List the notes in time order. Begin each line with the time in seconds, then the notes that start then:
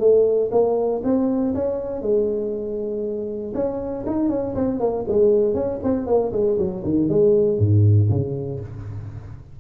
0.00 A3
0.52 A#3
1.04 C4
1.55 C#4
2.02 G#3
3.54 C#4
4.07 D#4
4.30 C#4
4.55 C4
4.80 A#3
5.08 G#3
5.55 C#4
5.84 C4
6.07 A#3
6.33 G#3
6.59 F#3
6.85 D#3
7.09 G#3
7.59 G#2
8.10 C#3